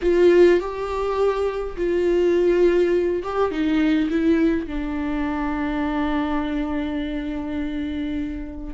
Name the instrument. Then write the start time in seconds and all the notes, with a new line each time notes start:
viola
0.02 F4
0.60 G4
1.77 F4
3.23 G4
3.51 D#4
4.09 E4
4.66 D4